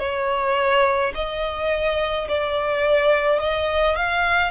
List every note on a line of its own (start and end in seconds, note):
0.00 1.13 C#5
1.15 2.28 D#5
2.28 3.40 D5
3.40 3.96 D#5
3.96 4.51 F5